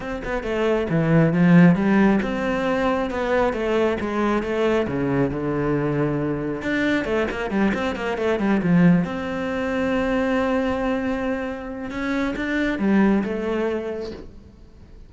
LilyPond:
\new Staff \with { instrumentName = "cello" } { \time 4/4 \tempo 4 = 136 c'8 b8 a4 e4 f4 | g4 c'2 b4 | a4 gis4 a4 cis4 | d2. d'4 |
a8 ais8 g8 c'8 ais8 a8 g8 f8~ | f8 c'2.~ c'8~ | c'2. cis'4 | d'4 g4 a2 | }